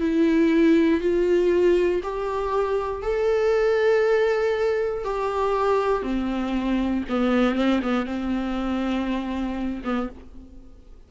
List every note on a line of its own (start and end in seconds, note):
0.00 1.01 E4
1.01 2.02 F4
2.04 3.03 G4
3.03 5.04 A4
5.05 6.03 G4
6.03 7.04 C4
7.10 7.56 B3
7.56 7.81 C4
7.83 8.06 B3
8.06 9.83 C4
9.85 10.10 B3